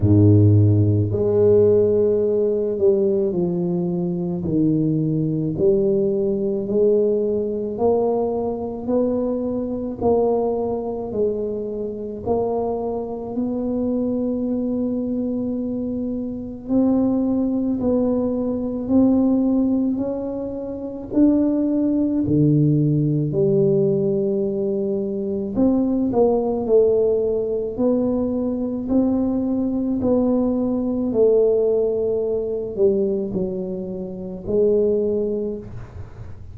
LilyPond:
\new Staff \with { instrumentName = "tuba" } { \time 4/4 \tempo 4 = 54 gis,4 gis4. g8 f4 | dis4 g4 gis4 ais4 | b4 ais4 gis4 ais4 | b2. c'4 |
b4 c'4 cis'4 d'4 | d4 g2 c'8 ais8 | a4 b4 c'4 b4 | a4. g8 fis4 gis4 | }